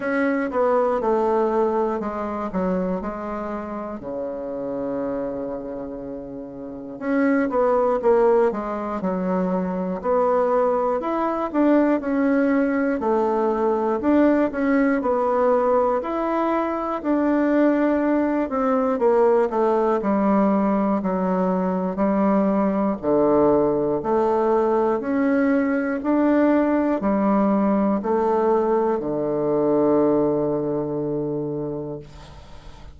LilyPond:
\new Staff \with { instrumentName = "bassoon" } { \time 4/4 \tempo 4 = 60 cis'8 b8 a4 gis8 fis8 gis4 | cis2. cis'8 b8 | ais8 gis8 fis4 b4 e'8 d'8 | cis'4 a4 d'8 cis'8 b4 |
e'4 d'4. c'8 ais8 a8 | g4 fis4 g4 d4 | a4 cis'4 d'4 g4 | a4 d2. | }